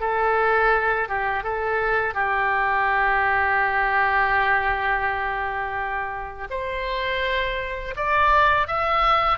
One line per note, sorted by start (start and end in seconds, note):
0.00 1.08 A4
1.09 1.43 G4
1.43 2.14 A4
2.14 6.48 G4
6.50 7.95 C5
7.96 8.67 D5
8.67 9.38 E5